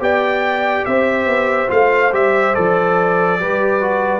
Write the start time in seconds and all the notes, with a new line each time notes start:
0.00 B3 G4 D5 G5
0.86 C4 C5 E5
1.26 B3
1.68 A3 F4 F5
2.13 G3 G4 E5
2.55 F3 A4 D5
3.39 G3 G4 B4
3.81 F#4